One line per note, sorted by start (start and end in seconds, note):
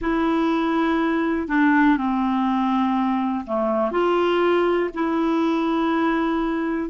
0.01 1.48 E4
1.48 1.97 D4
1.97 3.44 C4
3.46 3.91 A3
3.91 4.90 F4
4.94 6.89 E4